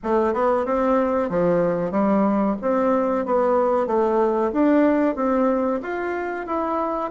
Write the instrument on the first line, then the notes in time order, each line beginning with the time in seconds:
bassoon
0.03 A3
0.33 B3
0.65 C4
1.29 F3
1.91 G3
2.61 C4
3.25 B3
3.87 A3
4.52 D4
5.15 C4
5.82 F4
6.46 E4